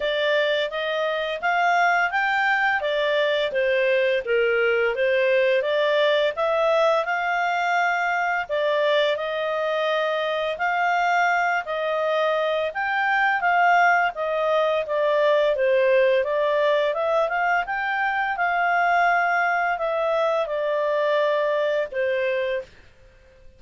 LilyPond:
\new Staff \with { instrumentName = "clarinet" } { \time 4/4 \tempo 4 = 85 d''4 dis''4 f''4 g''4 | d''4 c''4 ais'4 c''4 | d''4 e''4 f''2 | d''4 dis''2 f''4~ |
f''8 dis''4. g''4 f''4 | dis''4 d''4 c''4 d''4 | e''8 f''8 g''4 f''2 | e''4 d''2 c''4 | }